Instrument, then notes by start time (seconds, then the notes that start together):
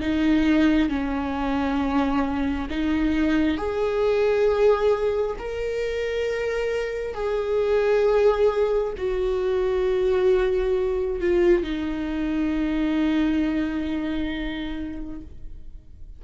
viola
0.00 D#4
0.89 C#4
2.69 D#4
3.57 G#4
5.38 A#4
7.14 G#4
8.97 F#4
11.20 F4
11.63 D#4